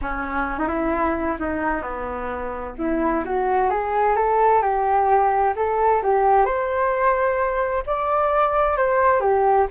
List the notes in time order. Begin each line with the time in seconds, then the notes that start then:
0.01 C#4
0.59 D#4
0.68 E4
1.39 D#4
1.81 B3
2.77 E4
3.25 F#4
3.69 G#4
4.16 A4
4.62 G4
5.56 A4
6.02 G4
6.45 C5
7.86 D5
8.77 C5
9.20 G4